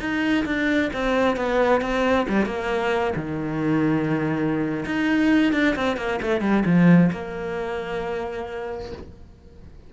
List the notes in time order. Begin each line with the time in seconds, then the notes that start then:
0.00 D#4
0.46 D4
0.94 C4
1.37 B3
1.81 C4
2.29 G3
2.46 A#3
3.16 D#3
4.86 D#4
5.53 D4
5.76 C4
5.97 A#3
6.22 A3
6.41 G3
6.66 F3
7.12 A#3